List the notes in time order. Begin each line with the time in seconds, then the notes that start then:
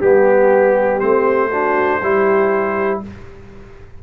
0.00 G3 B3 G4
1.00 A3 C4 C5
1.50 D4 F#4
2.02 G3 E4 G4